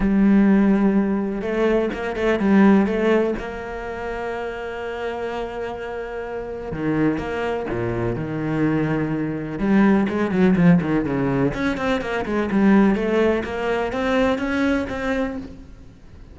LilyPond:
\new Staff \with { instrumentName = "cello" } { \time 4/4 \tempo 4 = 125 g2. a4 | ais8 a8 g4 a4 ais4~ | ais1~ | ais2 dis4 ais4 |
ais,4 dis2. | g4 gis8 fis8 f8 dis8 cis4 | cis'8 c'8 ais8 gis8 g4 a4 | ais4 c'4 cis'4 c'4 | }